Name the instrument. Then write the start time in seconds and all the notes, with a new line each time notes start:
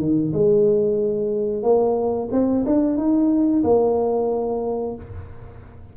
tuba
0.00 D#3
0.33 G#3
1.63 A#3
2.32 C4
2.67 D4
2.98 D#4
3.64 A#3